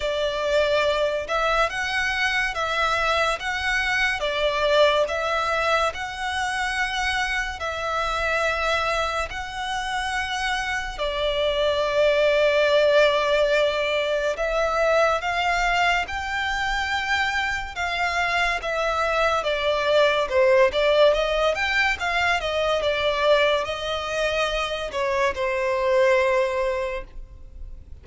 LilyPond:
\new Staff \with { instrumentName = "violin" } { \time 4/4 \tempo 4 = 71 d''4. e''8 fis''4 e''4 | fis''4 d''4 e''4 fis''4~ | fis''4 e''2 fis''4~ | fis''4 d''2.~ |
d''4 e''4 f''4 g''4~ | g''4 f''4 e''4 d''4 | c''8 d''8 dis''8 g''8 f''8 dis''8 d''4 | dis''4. cis''8 c''2 | }